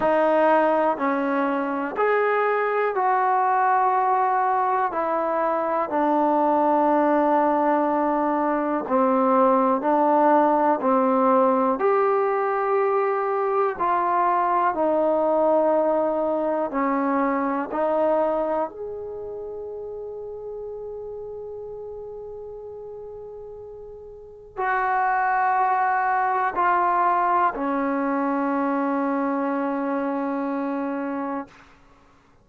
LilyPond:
\new Staff \with { instrumentName = "trombone" } { \time 4/4 \tempo 4 = 61 dis'4 cis'4 gis'4 fis'4~ | fis'4 e'4 d'2~ | d'4 c'4 d'4 c'4 | g'2 f'4 dis'4~ |
dis'4 cis'4 dis'4 gis'4~ | gis'1~ | gis'4 fis'2 f'4 | cis'1 | }